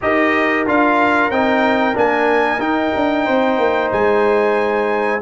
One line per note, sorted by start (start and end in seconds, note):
0.01 0.67 D#4
0.01 0.66 G4
0.01 3.24 A#4
0.01 0.67 D#5
0.66 1.30 D4
0.66 1.31 F4
0.66 1.31 F5
1.30 1.95 C4
1.30 1.94 D#4
1.30 1.96 G5
1.94 2.58 A#3
1.94 2.59 D4
1.94 2.60 G#5
2.58 2.91 D#4
2.58 5.20 D#4
2.58 3.90 G5
2.95 3.27 D4
3.24 3.58 C4
3.24 5.20 C5
3.58 3.90 A#3
3.92 5.21 G#3
3.92 5.21 G#5